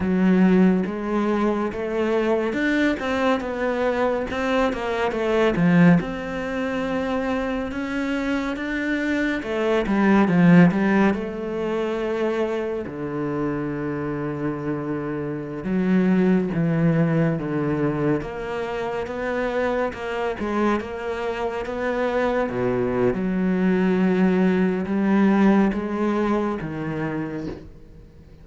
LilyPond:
\new Staff \with { instrumentName = "cello" } { \time 4/4 \tempo 4 = 70 fis4 gis4 a4 d'8 c'8 | b4 c'8 ais8 a8 f8 c'4~ | c'4 cis'4 d'4 a8 g8 | f8 g8 a2 d4~ |
d2~ d16 fis4 e8.~ | e16 d4 ais4 b4 ais8 gis16~ | gis16 ais4 b4 b,8. fis4~ | fis4 g4 gis4 dis4 | }